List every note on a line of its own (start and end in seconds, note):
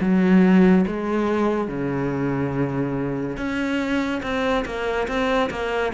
0.00 0.85 F#3
0.87 1.67 G#3
1.67 3.36 C#3
3.36 4.21 C#4
4.22 4.64 C4
4.65 5.07 A#3
5.07 5.50 C4
5.50 5.92 A#3